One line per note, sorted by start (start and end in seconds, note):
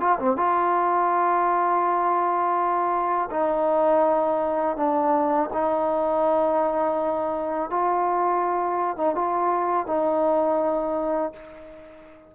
0.00 0.18 F4
0.19 0.37 C4
0.37 3.29 F4
3.30 4.77 D#4
4.77 5.50 D4
5.53 7.70 D#4
7.70 8.97 F4
8.97 9.15 D#4
9.15 9.86 F4
9.86 11.33 D#4